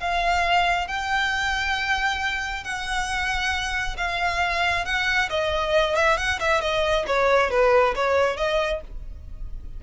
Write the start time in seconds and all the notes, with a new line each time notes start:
0.00 F5
0.88 G5
2.64 F#5
3.97 F5
4.85 F#5
5.30 D#5
5.96 E5
6.17 F#5
6.40 E5
6.62 D#5
7.07 C#5
7.51 B4
7.96 C#5
8.37 D#5